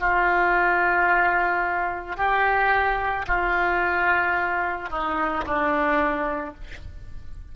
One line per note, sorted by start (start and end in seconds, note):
0.00 2.17 F4
2.17 3.26 G4
3.28 4.90 F4
4.90 5.45 D#4
5.45 6.55 D4